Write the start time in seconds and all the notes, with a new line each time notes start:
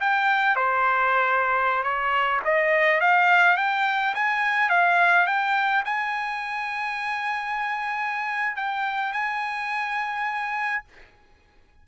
0.00 G5
0.55 C5
1.83 C#5
2.44 D#5
3.00 F5
3.57 G5
4.15 G#5
4.69 F5
5.26 G5
5.85 G#5
8.56 G5
9.12 G#5